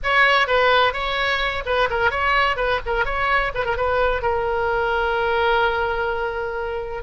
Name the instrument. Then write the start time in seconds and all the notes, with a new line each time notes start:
oboe
0.03 C#5
0.47 B4
0.93 C#5
1.65 B4
1.90 A#4
2.11 C#5
2.56 B4
2.86 A#4
3.05 C#5
3.54 B4
3.65 A#4
3.76 B4
4.22 A#4